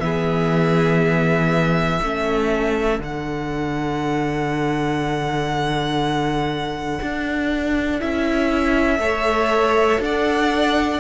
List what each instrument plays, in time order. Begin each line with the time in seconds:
0.00 cello E3, viola B3, violin G#4 E5
2.01 cello A3, viola C#4, violin A4
3.00 cello D3, viola D4, violin F#5
7.02 cello D4
8.00 cello C#4, viola E4, violin E5
8.99 cello A3, viola A4, violin C#5
10.00 cello D4, violin D5 F#5